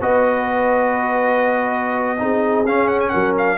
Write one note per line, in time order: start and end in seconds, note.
0.00 2.20 B3
0.00 2.18 F#4
0.00 2.19 B4
0.00 2.66 D#5
2.18 2.65 C4
2.18 2.64 D#4
2.18 3.11 G#4
2.65 3.11 C#4
2.65 3.58 C#4
2.65 2.88 F5
2.88 2.99 F#5
3.00 3.09 G#5
3.09 3.58 F#3
3.09 3.57 A#4
3.09 3.32 F#5
3.38 3.58 F5